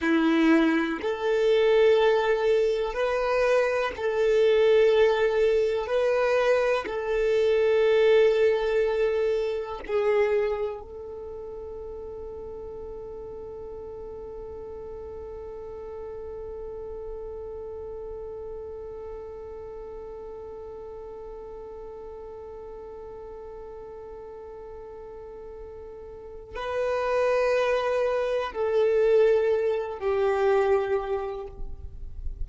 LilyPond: \new Staff \with { instrumentName = "violin" } { \time 4/4 \tempo 4 = 61 e'4 a'2 b'4 | a'2 b'4 a'4~ | a'2 gis'4 a'4~ | a'1~ |
a'1~ | a'1~ | a'2. b'4~ | b'4 a'4. g'4. | }